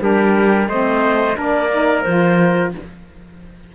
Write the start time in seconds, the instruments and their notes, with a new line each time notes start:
0.00 cello G3, saxophone D4, trumpet G4, clarinet A#4
0.68 cello A3, saxophone C4, trumpet C5, clarinet D#5
1.34 cello A#3, saxophone D4, trumpet A#4, clarinet D5
1.72 saxophone D#4
2.02 cello F3, saxophone F4, clarinet C5